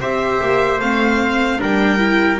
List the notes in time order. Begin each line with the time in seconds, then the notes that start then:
0.00 C4 G4 C5 E5
0.41 A#3
0.79 A3 C4 F5
1.58 G3 D4 A#4 G5
1.98 E4